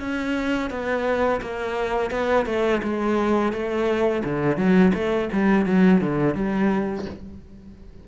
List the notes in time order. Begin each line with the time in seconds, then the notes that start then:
0.00 C#4
0.71 B3
1.41 A#3
2.11 B3
2.46 A3
2.83 G#3
3.53 A3
4.24 D3
4.57 F#3
4.94 A3
5.33 G3
5.66 F#3
6.01 D3
6.35 G3